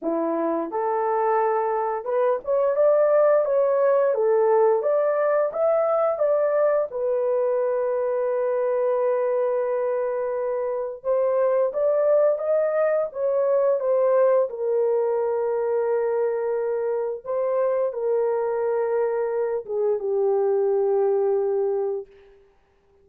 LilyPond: \new Staff \with { instrumentName = "horn" } { \time 4/4 \tempo 4 = 87 e'4 a'2 b'8 cis''8 | d''4 cis''4 a'4 d''4 | e''4 d''4 b'2~ | b'1 |
c''4 d''4 dis''4 cis''4 | c''4 ais'2.~ | ais'4 c''4 ais'2~ | ais'8 gis'8 g'2. | }